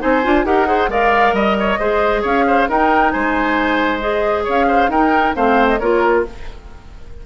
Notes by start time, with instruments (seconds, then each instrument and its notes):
0.00 bassoon C4, clarinet D#4, oboe C5, flute G#5
0.24 bassoon D4, clarinet F4
0.45 bassoon D#4, clarinet G4, oboe A#4, flute F#5
0.67 clarinet G#4, oboe C5
0.89 bassoon G#3, clarinet A#4, oboe D5, flute F5
1.33 bassoon G3, flute D#5, oboe D#5
1.60 oboe C#5
1.79 bassoon G#3, clarinet G#4, oboe C5
2.22 bassoon C#4, oboe C#5, flute F5
2.47 oboe C5
2.69 bassoon D#4, clarinet D#4, oboe A#4, flute G5
3.11 bassoon G#3, oboe C5, flute G#5
4.01 clarinet G#4, flute D#5
4.44 bassoon C#4, oboe C#5, flute F5
4.68 oboe C5
4.89 bassoon D#4, clarinet D#4, oboe A#4, flute G5
5.35 bassoon A3, clarinet C4, oboe C5, flute F5
5.68 flute D#5
5.79 bassoon A#3, clarinet F4, oboe A#4, flute C#5